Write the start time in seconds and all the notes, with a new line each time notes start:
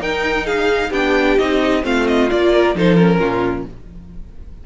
0.00 D#4 A#4 G5
0.46 G#4 F5
0.90 B3 D4 G4 G5
1.38 C4 D#4 D#5
1.82 A3 C4 F4 F5
2.07 D#5
2.30 A#3 F4 D5
2.53 A#4
2.75 F3 D#4 A4 C5
2.96 C#4 A#4
3.19 A#2 F4